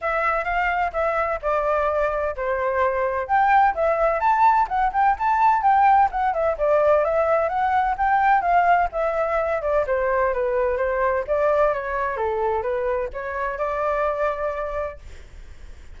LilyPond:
\new Staff \with { instrumentName = "flute" } { \time 4/4 \tempo 4 = 128 e''4 f''4 e''4 d''4~ | d''4 c''2 g''4 | e''4 a''4 fis''8 g''8 a''4 | g''4 fis''8 e''8 d''4 e''4 |
fis''4 g''4 f''4 e''4~ | e''8 d''8 c''4 b'4 c''4 | d''4 cis''4 a'4 b'4 | cis''4 d''2. | }